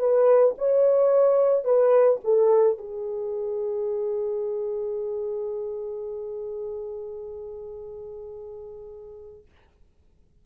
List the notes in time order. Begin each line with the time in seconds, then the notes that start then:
0.00 B4
0.58 C#5
1.65 B4
2.24 A4
2.78 G#4